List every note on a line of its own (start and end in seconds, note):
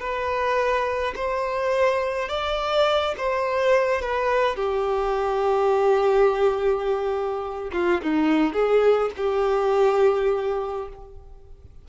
0.00 1.15 B4
1.16 2.29 C5
2.29 3.15 D5
3.18 4.02 C5
4.02 4.56 B4
4.56 7.71 G4
7.72 8.01 F4
8.03 8.54 D#4
8.54 9.11 G#4
9.17 10.89 G4